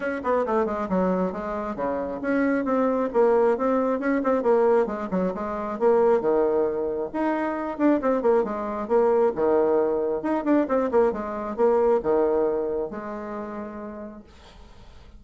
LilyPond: \new Staff \with { instrumentName = "bassoon" } { \time 4/4 \tempo 4 = 135 cis'8 b8 a8 gis8 fis4 gis4 | cis4 cis'4 c'4 ais4 | c'4 cis'8 c'8 ais4 gis8 fis8 | gis4 ais4 dis2 |
dis'4. d'8 c'8 ais8 gis4 | ais4 dis2 dis'8 d'8 | c'8 ais8 gis4 ais4 dis4~ | dis4 gis2. | }